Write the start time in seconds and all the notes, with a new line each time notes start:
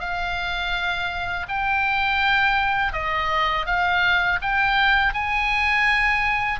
0.00 F5
1.48 G5
2.93 D#5
3.66 F5
4.41 G5
5.13 G#5